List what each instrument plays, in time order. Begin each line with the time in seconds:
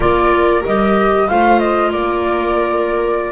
0.00 double bass A#3, clarinet F4, viola A#4, flute D5
0.65 double bass G3, clarinet G4, flute D#5
1.26 double bass A3, clarinet F4, viola C5, flute F5
1.59 flute D#5
1.90 double bass A#3, viola A#4, flute D5